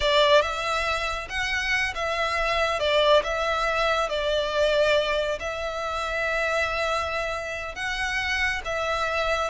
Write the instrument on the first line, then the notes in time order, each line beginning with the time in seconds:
violin
0.00 D5
0.41 E5
1.29 F#5
1.94 E5
2.79 D5
3.23 E5
4.09 D5
5.39 E5
7.75 F#5
8.64 E5